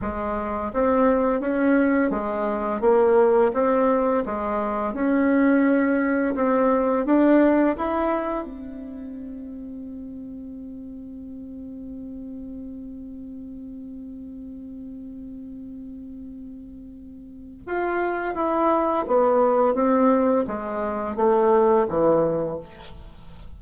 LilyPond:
\new Staff \with { instrumentName = "bassoon" } { \time 4/4 \tempo 4 = 85 gis4 c'4 cis'4 gis4 | ais4 c'4 gis4 cis'4~ | cis'4 c'4 d'4 e'4 | c'1~ |
c'1~ | c'1~ | c'4 f'4 e'4 b4 | c'4 gis4 a4 e4 | }